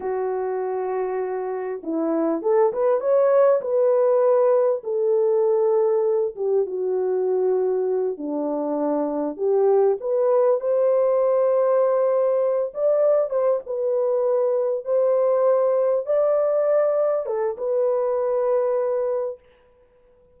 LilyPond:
\new Staff \with { instrumentName = "horn" } { \time 4/4 \tempo 4 = 99 fis'2. e'4 | a'8 b'8 cis''4 b'2 | a'2~ a'8 g'8 fis'4~ | fis'4. d'2 g'8~ |
g'8 b'4 c''2~ c''8~ | c''4 d''4 c''8 b'4.~ | b'8 c''2 d''4.~ | d''8 a'8 b'2. | }